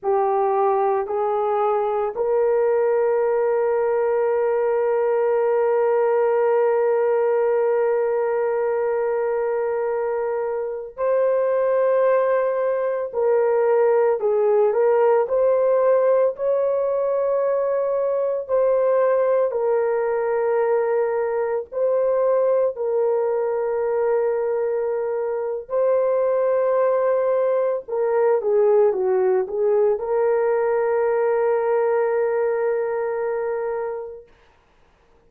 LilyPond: \new Staff \with { instrumentName = "horn" } { \time 4/4 \tempo 4 = 56 g'4 gis'4 ais'2~ | ais'1~ | ais'2~ ais'16 c''4.~ c''16~ | c''16 ais'4 gis'8 ais'8 c''4 cis''8.~ |
cis''4~ cis''16 c''4 ais'4.~ ais'16~ | ais'16 c''4 ais'2~ ais'8. | c''2 ais'8 gis'8 fis'8 gis'8 | ais'1 | }